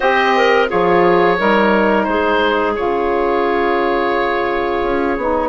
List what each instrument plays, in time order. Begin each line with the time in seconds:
0.00 bassoon C4, saxophone G4, clarinet C5, oboe D#5
0.35 clarinet A#4
0.67 bassoon F3, saxophone F4, clarinet G#4, oboe C#5
1.37 bassoon G3, saxophone D#4, clarinet A#4
2.03 bassoon G#3, clarinet G#4, oboe C5
2.75 bassoon C#3, saxophone F4, oboe C#5
4.82 bassoon C#4
5.17 bassoon B3, saxophone D#4